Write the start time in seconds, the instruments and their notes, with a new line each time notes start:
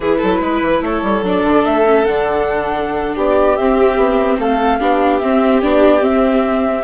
0.00 bassoon E3, viola E4, violin G#4, flute B4
0.17 bassoon F#3, violin A4
0.40 bassoon G#3, violin B4
0.61 bassoon E3
0.81 bassoon A3, violin A4, flute C#5
1.02 bassoon G3
1.22 bassoon F#3, viola D4, flute D5
1.43 bassoon D3
1.64 bassoon A3, flute E5
1.85 viola C#4
2.04 bassoon D3, viola D4, flute F#5
3.14 bassoon B3, violin G4, flute D5
3.56 viola C4, bassoon C4, flute E5
3.96 bassoon B3
4.38 bassoon A3, violin A4, flute F5
4.79 bassoon B3, viola D4, violin G4
5.19 bassoon C4, viola C4, flute E5
5.62 bassoon B3, viola D4, flute D5
5.99 viola C4, bassoon C4, flute E5